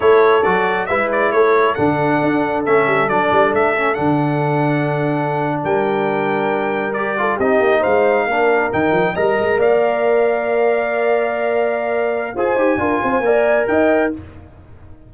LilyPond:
<<
  \new Staff \with { instrumentName = "trumpet" } { \time 4/4 \tempo 4 = 136 cis''4 d''4 e''8 d''8 cis''4 | fis''2 e''4 d''4 | e''4 fis''2.~ | fis''8. g''2. d''16~ |
d''8. dis''4 f''2 g''16~ | g''8. ais''4 f''2~ f''16~ | f''1 | gis''2. g''4 | }
  \new Staff \with { instrumentName = "horn" } { \time 4/4 a'2 b'4 a'4~ | a'1~ | a'1~ | a'8. ais'2.~ ais'16~ |
ais'16 a'8 g'4 c''4 ais'4~ ais'16~ | ais'8. dis''4 d''2~ d''16~ | d''1 | c''4 ais'8 c''8 d''4 dis''4 | }
  \new Staff \with { instrumentName = "trombone" } { \time 4/4 e'4 fis'4 e'2 | d'2 cis'4 d'4~ | d'8 cis'8 d'2.~ | d'2.~ d'8. g'16~ |
g'16 f'8 dis'2 d'4 dis'16~ | dis'8. ais'2.~ ais'16~ | ais'1 | gis'8 g'8 f'4 ais'2 | }
  \new Staff \with { instrumentName = "tuba" } { \time 4/4 a4 fis4 gis4 a4 | d4 d'4 a8 g8 fis8 g8 | a4 d2.~ | d8. g2.~ g16~ |
g8. c'8 ais8 gis4 ais4 dis16~ | dis16 f8 g8 gis8 ais2~ ais16~ | ais1 | f'8 dis'8 d'8 c'8 ais4 dis'4 | }
>>